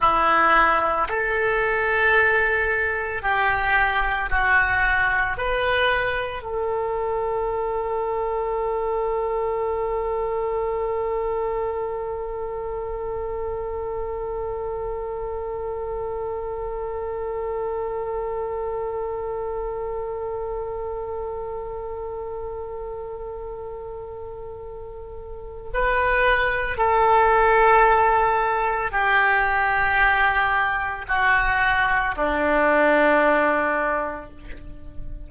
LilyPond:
\new Staff \with { instrumentName = "oboe" } { \time 4/4 \tempo 4 = 56 e'4 a'2 g'4 | fis'4 b'4 a'2~ | a'1~ | a'1~ |
a'1~ | a'1 | b'4 a'2 g'4~ | g'4 fis'4 d'2 | }